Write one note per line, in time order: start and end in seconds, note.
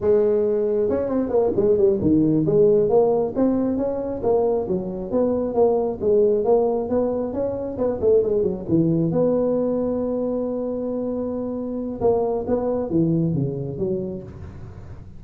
0.00 0.89 G#3
0.89 1.08 C#4
1.08 1.29 C4
1.29 1.51 A#3
1.56 1.77 G#3
1.77 1.99 G3
2.01 2.45 D#3
2.45 2.89 G#3
2.89 3.33 A#3
3.35 3.77 C4
3.77 4.21 C#4
4.22 4.67 A#3
4.67 5.11 F#3
5.11 5.54 B3
5.54 5.99 A#3
6.00 6.44 G#3
6.44 6.89 A#3
6.89 7.33 B3
7.33 7.77 C#4
7.77 8.00 B3
8.00 8.23 A3
8.23 8.43 G#3
8.43 8.65 F#3
8.68 9.11 E3
9.11 12.00 B3
12.01 12.45 A#3
12.47 12.89 B3
12.89 13.34 E3
13.34 13.78 C#3
13.78 14.22 F#3